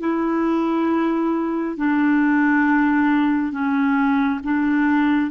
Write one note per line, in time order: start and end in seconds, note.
0.00 1.76 E4
1.76 3.51 D4
3.51 4.40 C#4
4.44 5.30 D4